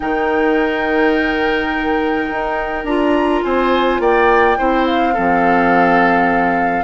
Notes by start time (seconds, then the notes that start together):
0.00 D#3 D#4 A#4 G5
2.31 D#4
2.84 D4 F4 A#5
3.43 C4 C5 G#5
3.99 A#3 D5 G5
4.57 C4 E4 C5
4.86 F5
5.13 F3 C4 A4